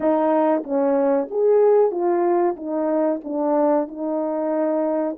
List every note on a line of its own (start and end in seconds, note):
0.00 0.63 D#4
0.63 1.28 C#4
1.30 1.91 G#4
1.91 2.55 F4
2.56 3.21 D#4
3.24 3.87 D4
3.87 5.16 D#4